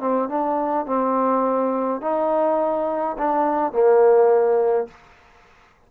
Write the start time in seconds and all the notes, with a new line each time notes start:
0.00 C4
0.29 D4
0.86 C4
2.01 D#4
3.18 D4
3.72 A#3